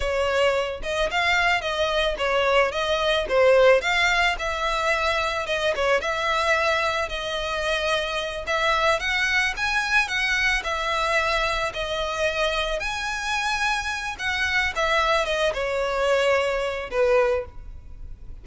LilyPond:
\new Staff \with { instrumentName = "violin" } { \time 4/4 \tempo 4 = 110 cis''4. dis''8 f''4 dis''4 | cis''4 dis''4 c''4 f''4 | e''2 dis''8 cis''8 e''4~ | e''4 dis''2~ dis''8 e''8~ |
e''8 fis''4 gis''4 fis''4 e''8~ | e''4. dis''2 gis''8~ | gis''2 fis''4 e''4 | dis''8 cis''2~ cis''8 b'4 | }